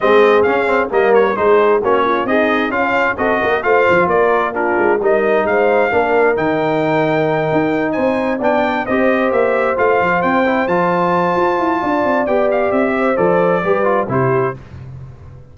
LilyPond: <<
  \new Staff \with { instrumentName = "trumpet" } { \time 4/4 \tempo 4 = 132 dis''4 f''4 dis''8 cis''8 c''4 | cis''4 dis''4 f''4 dis''4 | f''4 d''4 ais'4 dis''4 | f''2 g''2~ |
g''4. gis''4 g''4 dis''8~ | dis''8 e''4 f''4 g''4 a''8~ | a''2. g''8 f''8 | e''4 d''2 c''4 | }
  \new Staff \with { instrumentName = "horn" } { \time 4/4 gis'2 ais'4 gis'4 | fis'8 f'8 dis'4 cis'4 a'8 ais'8 | c''4 ais'4 f'4 ais'4 | c''4 ais'2.~ |
ais'4. c''4 d''4 c''8~ | c''1~ | c''2 d''2~ | d''8 c''4. b'4 g'4 | }
  \new Staff \with { instrumentName = "trombone" } { \time 4/4 c'4 cis'8 c'8 ais4 dis'4 | cis'4 gis'4 f'4 fis'4 | f'2 d'4 dis'4~ | dis'4 d'4 dis'2~ |
dis'2~ dis'8 d'4 g'8~ | g'4. f'4. e'8 f'8~ | f'2. g'4~ | g'4 a'4 g'8 f'8 e'4 | }
  \new Staff \with { instrumentName = "tuba" } { \time 4/4 gis4 cis'4 g4 gis4 | ais4 c'4 cis'4 c'8 ais8 | a8 f8 ais4. gis8 g4 | gis4 ais4 dis2~ |
dis8 dis'4 c'4 b4 c'8~ | c'8 ais4 a8 f8 c'4 f8~ | f4 f'8 e'8 d'8 c'8 b4 | c'4 f4 g4 c4 | }
>>